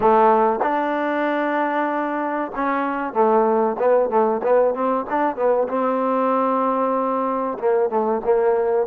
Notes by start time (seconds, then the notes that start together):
0.00 A3
0.62 D4
2.55 C#4
3.13 A3
3.78 B3
4.09 A3
4.43 B3
4.74 C4
5.09 D4
5.36 B3
5.68 C4
7.58 A#3
7.89 A3
8.24 A#3